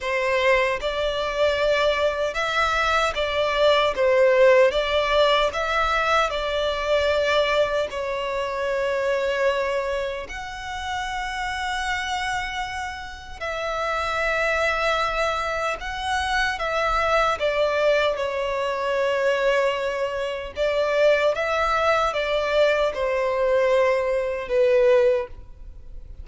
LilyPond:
\new Staff \with { instrumentName = "violin" } { \time 4/4 \tempo 4 = 76 c''4 d''2 e''4 | d''4 c''4 d''4 e''4 | d''2 cis''2~ | cis''4 fis''2.~ |
fis''4 e''2. | fis''4 e''4 d''4 cis''4~ | cis''2 d''4 e''4 | d''4 c''2 b'4 | }